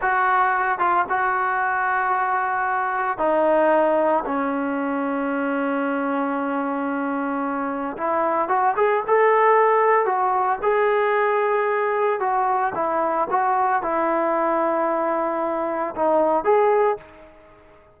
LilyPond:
\new Staff \with { instrumentName = "trombone" } { \time 4/4 \tempo 4 = 113 fis'4. f'8 fis'2~ | fis'2 dis'2 | cis'1~ | cis'2. e'4 |
fis'8 gis'8 a'2 fis'4 | gis'2. fis'4 | e'4 fis'4 e'2~ | e'2 dis'4 gis'4 | }